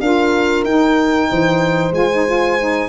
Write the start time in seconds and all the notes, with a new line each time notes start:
0.00 D4 F4 A#4 F5
0.64 D#4 G5
1.29 E3 C5
1.91 G#3 F4 G#5
2.12 D#4
2.26 F4
2.59 D#4